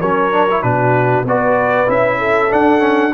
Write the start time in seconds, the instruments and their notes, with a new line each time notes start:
0.00 tuba F#3, trombone C#4, horn A#4, trumpet C#5
0.32 trombone D4
0.50 trombone E4
0.62 tuba B2, trombone D4, horn F#4, trumpet B4
1.24 tuba B3, trombone F#4, horn B4, trumpet D5
1.86 tuba C#4, trombone E4, trumpet E5
2.18 horn A4
2.50 trombone D4, tuba D4, trumpet F#5
2.79 trombone C#4